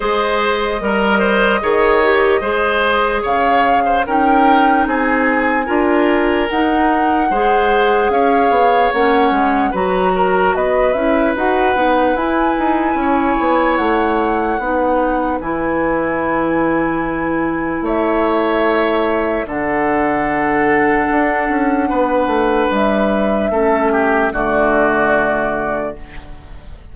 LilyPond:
<<
  \new Staff \with { instrumentName = "flute" } { \time 4/4 \tempo 4 = 74 dis''1 | f''4 g''4 gis''2 | fis''2 f''4 fis''4 | ais''4 dis''8 e''8 fis''4 gis''4~ |
gis''4 fis''2 gis''4~ | gis''2 e''2 | fis''1 | e''2 d''2 | }
  \new Staff \with { instrumentName = "oboe" } { \time 4/4 c''4 ais'8 c''8 cis''4 c''4 | cis''8. c''16 ais'4 gis'4 ais'4~ | ais'4 c''4 cis''2 | b'8 ais'8 b'2. |
cis''2 b'2~ | b'2 cis''2 | a'2. b'4~ | b'4 a'8 g'8 fis'2 | }
  \new Staff \with { instrumentName = "clarinet" } { \time 4/4 gis'4 ais'4 gis'8 g'8 gis'4~ | gis'4 dis'2 f'4 | dis'4 gis'2 cis'4 | fis'4. e'8 fis'8 dis'8 e'4~ |
e'2 dis'4 e'4~ | e'1 | d'1~ | d'4 cis'4 a2 | }
  \new Staff \with { instrumentName = "bassoon" } { \time 4/4 gis4 g4 dis4 gis4 | cis4 cis'4 c'4 d'4 | dis'4 gis4 cis'8 b8 ais8 gis8 | fis4 b8 cis'8 dis'8 b8 e'8 dis'8 |
cis'8 b8 a4 b4 e4~ | e2 a2 | d2 d'8 cis'8 b8 a8 | g4 a4 d2 | }
>>